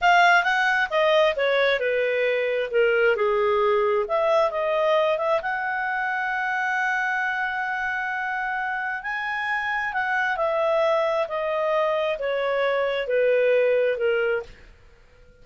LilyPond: \new Staff \with { instrumentName = "clarinet" } { \time 4/4 \tempo 4 = 133 f''4 fis''4 dis''4 cis''4 | b'2 ais'4 gis'4~ | gis'4 e''4 dis''4. e''8 | fis''1~ |
fis''1 | gis''2 fis''4 e''4~ | e''4 dis''2 cis''4~ | cis''4 b'2 ais'4 | }